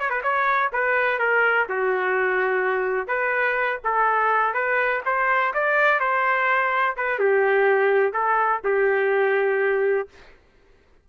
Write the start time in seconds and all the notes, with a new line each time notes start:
0.00 C#5
0.10 B4
0.24 C#5
0.73 B4
1.20 A#4
1.69 F#4
3.08 B4
3.85 A4
4.54 B4
5.06 C5
5.54 D5
6.00 C5
6.97 B4
7.20 G4
8.13 A4
8.65 G4